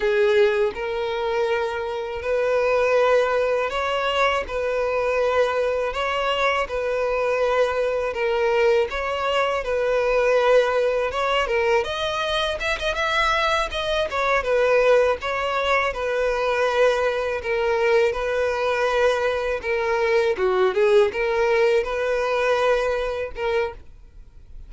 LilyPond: \new Staff \with { instrumentName = "violin" } { \time 4/4 \tempo 4 = 81 gis'4 ais'2 b'4~ | b'4 cis''4 b'2 | cis''4 b'2 ais'4 | cis''4 b'2 cis''8 ais'8 |
dis''4 e''16 dis''16 e''4 dis''8 cis''8 b'8~ | b'8 cis''4 b'2 ais'8~ | ais'8 b'2 ais'4 fis'8 | gis'8 ais'4 b'2 ais'8 | }